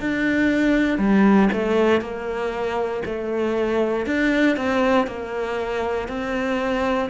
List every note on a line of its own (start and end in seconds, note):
0.00 0.98 D4
0.98 1.49 G3
1.53 2.01 A3
2.01 3.02 A#3
3.05 4.06 A3
4.06 4.56 D4
4.56 5.07 C4
5.07 6.08 A#3
6.08 7.10 C4